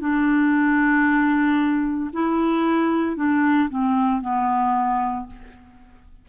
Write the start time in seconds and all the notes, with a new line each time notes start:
0.00 D4
2.13 E4
3.16 D4
3.69 C4
4.21 B3